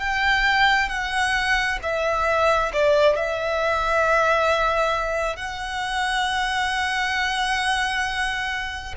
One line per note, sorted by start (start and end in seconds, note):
0.00 0.89 G5
0.89 1.79 F#5
1.83 2.72 E5
2.73 3.17 D5
3.17 5.36 E5
5.36 8.95 F#5